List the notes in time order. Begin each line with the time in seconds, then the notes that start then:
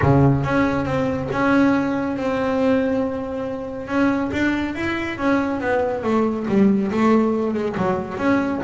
0.02 C#3
0.43 C#4
0.85 C4
1.32 C#4
2.16 C4
3.87 C#4
4.32 D4
4.75 E4
5.17 C#4
5.60 B3
6.03 A3
6.48 G3
6.91 A3
7.54 G#3
7.77 F#3
8.17 C#4